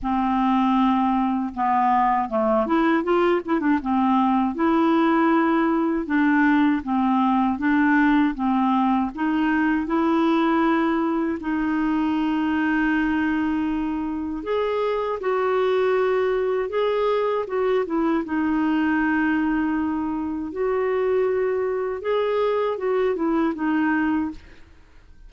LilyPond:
\new Staff \with { instrumentName = "clarinet" } { \time 4/4 \tempo 4 = 79 c'2 b4 a8 e'8 | f'8 e'16 d'16 c'4 e'2 | d'4 c'4 d'4 c'4 | dis'4 e'2 dis'4~ |
dis'2. gis'4 | fis'2 gis'4 fis'8 e'8 | dis'2. fis'4~ | fis'4 gis'4 fis'8 e'8 dis'4 | }